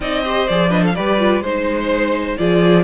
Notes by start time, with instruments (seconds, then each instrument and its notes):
0.00 cello C4, viola D#4, violin D5 D#5
0.23 viola G4, violin C5
0.47 cello F3, viola G#4, violin D5
0.68 viola D4, violin B4 D#5
0.82 violin A4 F5
0.94 cello G3, viola G4, violin B4 D5
1.19 viola F4
1.41 cello G#3, viola D#4, violin C5
2.37 cello F3, viola F4, violin G#4 D5